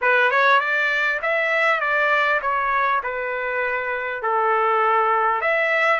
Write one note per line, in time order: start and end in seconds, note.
0.01 0.31 B4
0.31 0.59 C#5
0.59 1.19 D5
1.22 1.80 E5
1.80 2.40 D5
2.41 3.01 C#5
3.03 4.22 B4
4.22 5.41 A4
5.41 5.99 E5